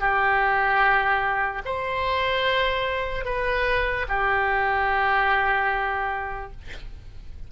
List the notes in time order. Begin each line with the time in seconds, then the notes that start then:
0.00 G4
1.65 C5
3.25 B4
4.08 G4